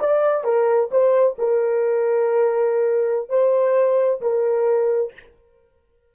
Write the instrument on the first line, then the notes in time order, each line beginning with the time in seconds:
horn
0.00 D5
0.44 A#4
0.91 C5
1.38 A#4
3.29 C5
4.21 A#4